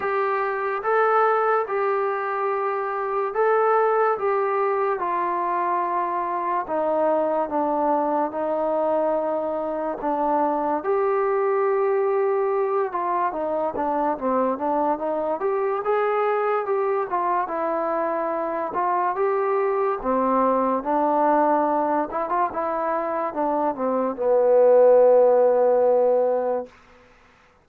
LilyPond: \new Staff \with { instrumentName = "trombone" } { \time 4/4 \tempo 4 = 72 g'4 a'4 g'2 | a'4 g'4 f'2 | dis'4 d'4 dis'2 | d'4 g'2~ g'8 f'8 |
dis'8 d'8 c'8 d'8 dis'8 g'8 gis'4 | g'8 f'8 e'4. f'8 g'4 | c'4 d'4. e'16 f'16 e'4 | d'8 c'8 b2. | }